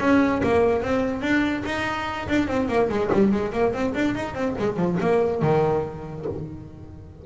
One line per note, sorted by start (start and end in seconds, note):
0.00 0.42 C#4
0.44 0.83 A#3
0.83 1.22 C4
1.22 1.63 D4
1.66 2.28 D#4
2.29 2.48 D4
2.48 2.68 C4
2.68 2.89 A#3
2.90 3.10 G#3
3.12 3.32 G3
3.32 3.52 G#3
3.53 3.73 A#3
3.73 3.94 C4
3.95 4.15 D4
4.15 4.35 D#4
4.35 4.55 C4
4.59 4.77 G#3
4.77 4.98 F3
5.00 5.42 A#3
5.42 6.26 D#3